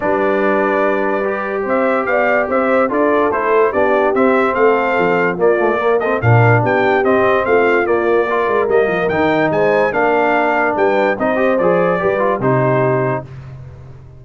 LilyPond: <<
  \new Staff \with { instrumentName = "trumpet" } { \time 4/4 \tempo 4 = 145 d''1 | e''4 f''4 e''4 d''4 | c''4 d''4 e''4 f''4~ | f''4 d''4. dis''8 f''4 |
g''4 dis''4 f''4 d''4~ | d''4 dis''4 g''4 gis''4 | f''2 g''4 dis''4 | d''2 c''2 | }
  \new Staff \with { instrumentName = "horn" } { \time 4/4 b'1 | c''4 d''4 c''4 a'4~ | a'4 g'2 a'4~ | a'4 f'4 ais'8 a'8 ais'4 |
g'2 f'2 | ais'2. c''4 | ais'2 b'4 c''4~ | c''4 b'4 g'2 | }
  \new Staff \with { instrumentName = "trombone" } { \time 4/4 d'2. g'4~ | g'2. f'4 | e'4 d'4 c'2~ | c'4 ais8 a8 ais8 c'8 d'4~ |
d'4 c'2 ais4 | f'4 ais4 dis'2 | d'2. dis'8 g'8 | gis'4 g'8 f'8 dis'2 | }
  \new Staff \with { instrumentName = "tuba" } { \time 4/4 g1 | c'4 b4 c'4 d'4 | a4 b4 c'4 a4 | f4 ais2 ais,4 |
b4 c'4 a4 ais4~ | ais8 gis8 g8 f8 dis4 gis4 | ais2 g4 c'4 | f4 g4 c2 | }
>>